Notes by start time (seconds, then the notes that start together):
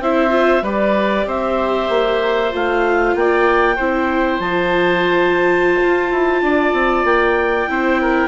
0.00 C4 E4 C5 E5
0.30 F4
0.62 G3 G4 B4 D5
1.26 C4 C5 E5
1.89 A#3
2.50 A3 F4 F5
3.15 A#3 D5 G5
3.75 C4 E4 C5
4.39 F3 F4 A5
5.81 F4
6.11 E4
6.42 D4 D5
6.73 C4
7.04 A#3 G5
7.68 C4 E4 C5
8.01 A#4